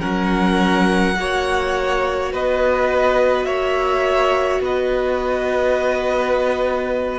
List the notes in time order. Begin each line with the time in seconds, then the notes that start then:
0.00 F#3 C#4 A#4 F#5
1.16 A#3 F#4 C#5
2.33 B3 B4 D#5
3.45 A#3 C#5 E5
4.61 B3 B4 D#5